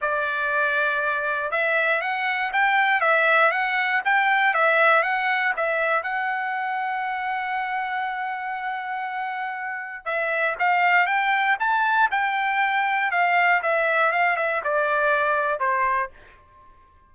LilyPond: \new Staff \with { instrumentName = "trumpet" } { \time 4/4 \tempo 4 = 119 d''2. e''4 | fis''4 g''4 e''4 fis''4 | g''4 e''4 fis''4 e''4 | fis''1~ |
fis''1 | e''4 f''4 g''4 a''4 | g''2 f''4 e''4 | f''8 e''8 d''2 c''4 | }